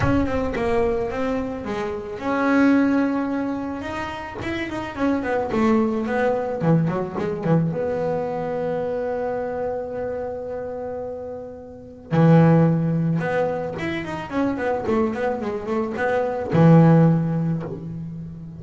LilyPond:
\new Staff \with { instrumentName = "double bass" } { \time 4/4 \tempo 4 = 109 cis'8 c'8 ais4 c'4 gis4 | cis'2. dis'4 | e'8 dis'8 cis'8 b8 a4 b4 | e8 fis8 gis8 e8 b2~ |
b1~ | b2 e2 | b4 e'8 dis'8 cis'8 b8 a8 b8 | gis8 a8 b4 e2 | }